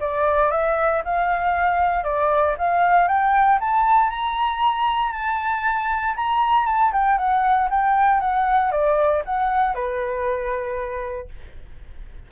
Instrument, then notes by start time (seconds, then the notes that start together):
flute
0.00 D5
0.51 E5
1.04 F5
2.04 D5
2.58 F5
3.08 G5
3.60 A5
4.09 A#5
5.12 A5
6.16 A#5
6.66 A5
6.93 G5
7.18 F#5
7.70 G5
8.20 F#5
8.71 D5
9.25 F#5
9.74 B4